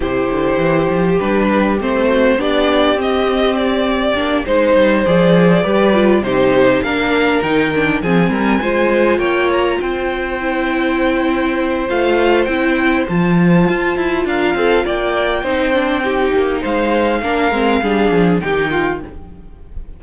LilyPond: <<
  \new Staff \with { instrumentName = "violin" } { \time 4/4 \tempo 4 = 101 c''2 b'4 c''4 | d''4 dis''4 d''4. c''8~ | c''8 d''2 c''4 f''8~ | f''8 g''4 gis''2 g''8 |
ais''8 g''2.~ g''8 | f''4 g''4 a''2 | f''4 g''2. | f''2. g''4 | }
  \new Staff \with { instrumentName = "violin" } { \time 4/4 g'2.~ g'8 fis'8 | g'2.~ g'8 c''8~ | c''4. b'4 g'4 ais'8~ | ais'4. gis'8 ais'8 c''4 cis''8~ |
cis''8 c''2.~ c''8~ | c''1 | ais'8 a'8 d''4 c''4 g'4 | c''4 ais'4 gis'4 g'8 f'8 | }
  \new Staff \with { instrumentName = "viola" } { \time 4/4 e'2 d'4 c'4 | d'4 c'2 d'8 dis'8~ | dis'8 gis'4 g'8 f'8 dis'4 d'8~ | d'8 dis'8 d'8 c'4 f'4.~ |
f'4. e'2~ e'8 | f'4 e'4 f'2~ | f'2 dis'8 d'8 dis'4~ | dis'4 d'8 c'8 d'4 dis'4 | }
  \new Staff \with { instrumentName = "cello" } { \time 4/4 c8 d8 e8 f8 g4 a4 | b4 c'2 ais8 gis8 | g8 f4 g4 c4 ais8~ | ais8 dis4 f8 g8 gis4 ais8~ |
ais8 c'2.~ c'8 | a4 c'4 f4 f'8 e'8 | d'8 c'8 ais4 c'4. ais8 | gis4 ais8 gis8 g8 f8 dis4 | }
>>